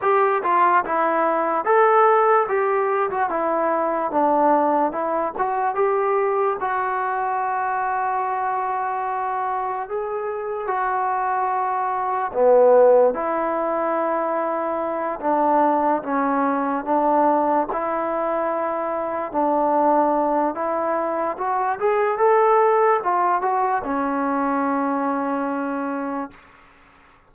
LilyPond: \new Staff \with { instrumentName = "trombone" } { \time 4/4 \tempo 4 = 73 g'8 f'8 e'4 a'4 g'8. fis'16 | e'4 d'4 e'8 fis'8 g'4 | fis'1 | gis'4 fis'2 b4 |
e'2~ e'8 d'4 cis'8~ | cis'8 d'4 e'2 d'8~ | d'4 e'4 fis'8 gis'8 a'4 | f'8 fis'8 cis'2. | }